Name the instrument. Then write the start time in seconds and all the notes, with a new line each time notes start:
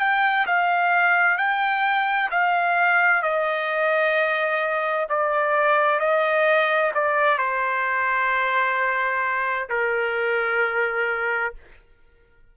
trumpet
0.00 G5
0.47 F5
1.38 G5
2.31 F5
3.22 D#5
5.09 D5
6.00 D#5
6.94 D5
7.38 C5
9.69 A#4